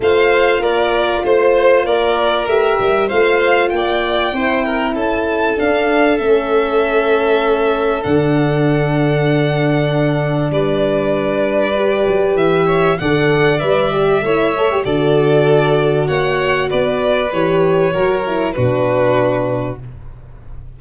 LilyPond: <<
  \new Staff \with { instrumentName = "violin" } { \time 4/4 \tempo 4 = 97 f''4 d''4 c''4 d''4 | e''4 f''4 g''2 | a''4 f''4 e''2~ | e''4 fis''2.~ |
fis''4 d''2. | e''4 fis''4 e''2 | d''2 fis''4 d''4 | cis''2 b'2 | }
  \new Staff \with { instrumentName = "violin" } { \time 4/4 c''4 ais'4 c''4 ais'4~ | ais'4 c''4 d''4 c''8 ais'8 | a'1~ | a'1~ |
a'4 b'2.~ | b'8 cis''8 d''2 cis''4 | a'2 cis''4 b'4~ | b'4 ais'4 fis'2 | }
  \new Staff \with { instrumentName = "horn" } { \time 4/4 f'1 | g'4 f'2 e'4~ | e'4 d'4 cis'2~ | cis'4 d'2.~ |
d'2. g'4~ | g'4 a'4 b'8 g'8 e'8 a'16 g'16 | fis'1 | g'4 fis'8 e'8 d'2 | }
  \new Staff \with { instrumentName = "tuba" } { \time 4/4 a4 ais4 a4 ais4 | a8 g8 a4 ais4 c'4 | cis'4 d'4 a2~ | a4 d2.~ |
d4 g2~ g8 fis8 | e4 d4 g4 a4 | d2 ais4 b4 | e4 fis4 b,2 | }
>>